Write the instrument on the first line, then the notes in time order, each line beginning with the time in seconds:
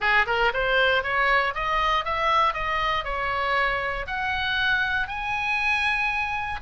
oboe
0.00 G#4
0.26 A#4
0.53 C5
1.03 C#5
1.54 D#5
2.05 E5
2.53 D#5
3.04 C#5
4.07 F#5
5.07 G#5